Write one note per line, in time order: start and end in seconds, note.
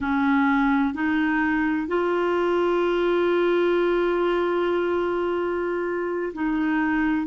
0.00 0.94 C#4
0.94 1.87 D#4
1.87 6.32 F4
6.33 7.27 D#4